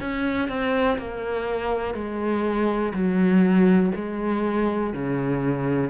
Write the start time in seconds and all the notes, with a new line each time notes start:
0.00 C#4
0.48 C4
0.98 A#3
1.94 G#3
2.93 F#3
3.95 G#3
4.93 C#3